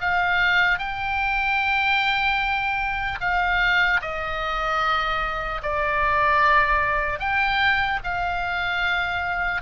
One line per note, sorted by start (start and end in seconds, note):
0.00 0.79 F5
0.79 3.19 G5
3.20 4.00 F5
4.01 5.61 D#5
5.63 7.19 D5
7.19 7.99 G5
8.03 9.61 F5